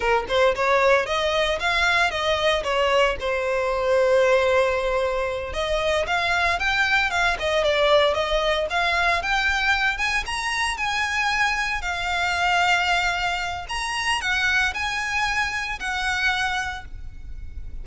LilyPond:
\new Staff \with { instrumentName = "violin" } { \time 4/4 \tempo 4 = 114 ais'8 c''8 cis''4 dis''4 f''4 | dis''4 cis''4 c''2~ | c''2~ c''8 dis''4 f''8~ | f''8 g''4 f''8 dis''8 d''4 dis''8~ |
dis''8 f''4 g''4. gis''8 ais''8~ | ais''8 gis''2 f''4.~ | f''2 ais''4 fis''4 | gis''2 fis''2 | }